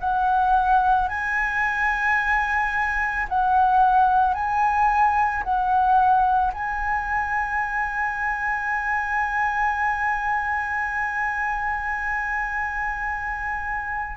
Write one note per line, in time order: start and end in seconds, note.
0.00 1.08 F#5
1.08 3.26 G#5
3.29 4.34 F#5
4.34 5.43 G#5
5.43 6.53 F#5
6.53 14.17 G#5